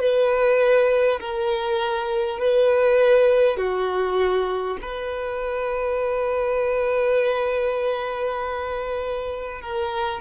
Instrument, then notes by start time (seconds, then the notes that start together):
violin
0.00 B4
1.20 A#4
2.39 B4
3.57 F#4
4.82 B4
9.61 A#4